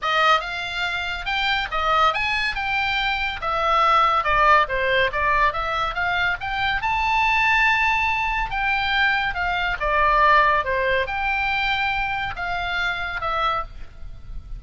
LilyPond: \new Staff \with { instrumentName = "oboe" } { \time 4/4 \tempo 4 = 141 dis''4 f''2 g''4 | dis''4 gis''4 g''2 | e''2 d''4 c''4 | d''4 e''4 f''4 g''4 |
a''1 | g''2 f''4 d''4~ | d''4 c''4 g''2~ | g''4 f''2 e''4 | }